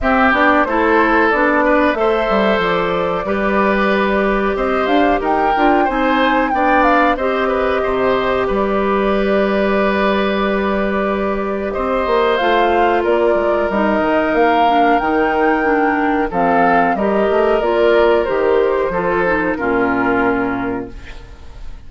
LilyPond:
<<
  \new Staff \with { instrumentName = "flute" } { \time 4/4 \tempo 4 = 92 e''8 d''8 c''4 d''4 e''4 | d''2. dis''8 f''8 | g''4 gis''4 g''8 f''8 dis''4~ | dis''4 d''2.~ |
d''2 dis''4 f''4 | d''4 dis''4 f''4 g''4~ | g''4 f''4 dis''4 d''4 | c''2 ais'2 | }
  \new Staff \with { instrumentName = "oboe" } { \time 4/4 g'4 a'4. b'8 c''4~ | c''4 b'2 c''4 | ais'4 c''4 d''4 c''8 b'8 | c''4 b'2.~ |
b'2 c''2 | ais'1~ | ais'4 a'4 ais'2~ | ais'4 a'4 f'2 | }
  \new Staff \with { instrumentName = "clarinet" } { \time 4/4 c'8 d'8 e'4 d'4 a'4~ | a'4 g'2.~ | g'8 f'8 dis'4 d'4 g'4~ | g'1~ |
g'2. f'4~ | f'4 dis'4. d'8 dis'4 | d'4 c'4 g'4 f'4 | g'4 f'8 dis'8 cis'2 | }
  \new Staff \with { instrumentName = "bassoon" } { \time 4/4 c'8 b8 a4 b4 a8 g8 | f4 g2 c'8 d'8 | dis'8 d'8 c'4 b4 c'4 | c4 g2.~ |
g2 c'8 ais8 a4 | ais8 gis8 g8 dis8 ais4 dis4~ | dis4 f4 g8 a8 ais4 | dis4 f4 ais,2 | }
>>